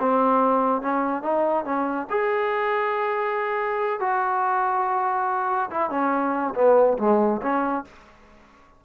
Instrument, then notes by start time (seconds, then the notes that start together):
trombone
0.00 C4
0.82 C#4
1.22 D#4
1.65 C#4
2.10 G#4
4.00 F#4
5.70 E4
5.90 C#4
6.55 B3
6.99 G#3
7.42 C#4